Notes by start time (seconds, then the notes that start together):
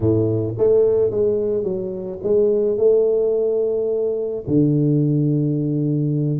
0.00 A2
0.58 A3
1.10 G#3
1.63 F#3
2.23 G#3
2.77 A3
4.47 D3